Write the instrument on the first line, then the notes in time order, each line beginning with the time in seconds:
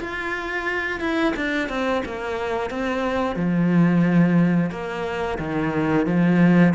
cello
0.00 F4
1.00 E4
1.36 D4
1.69 C4
2.05 A#3
2.70 C4
3.36 F3
4.70 A#3
5.38 D#3
6.06 F3